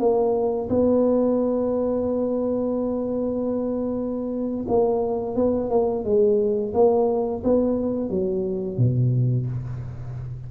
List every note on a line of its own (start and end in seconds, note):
0.00 0.69 A#3
0.70 4.66 B3
4.68 5.35 A#3
5.35 5.70 B3
5.70 6.04 A#3
6.04 6.73 G#3
6.74 7.43 A#3
7.44 8.10 B3
8.10 8.78 F#3
8.78 9.47 B2